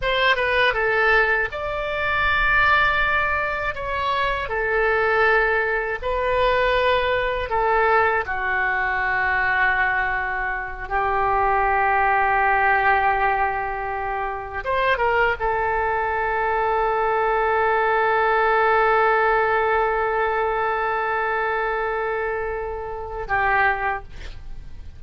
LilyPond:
\new Staff \with { instrumentName = "oboe" } { \time 4/4 \tempo 4 = 80 c''8 b'8 a'4 d''2~ | d''4 cis''4 a'2 | b'2 a'4 fis'4~ | fis'2~ fis'8 g'4.~ |
g'2.~ g'8 c''8 | ais'8 a'2.~ a'8~ | a'1~ | a'2. g'4 | }